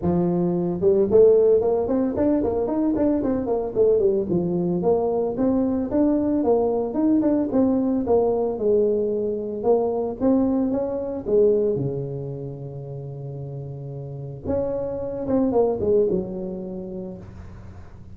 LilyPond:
\new Staff \with { instrumentName = "tuba" } { \time 4/4 \tempo 4 = 112 f4. g8 a4 ais8 c'8 | d'8 ais8 dis'8 d'8 c'8 ais8 a8 g8 | f4 ais4 c'4 d'4 | ais4 dis'8 d'8 c'4 ais4 |
gis2 ais4 c'4 | cis'4 gis4 cis2~ | cis2. cis'4~ | cis'8 c'8 ais8 gis8 fis2 | }